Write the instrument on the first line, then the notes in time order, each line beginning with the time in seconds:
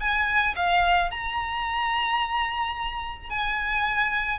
violin
0.00 G#5
0.56 F5
1.11 A#5
3.30 G#5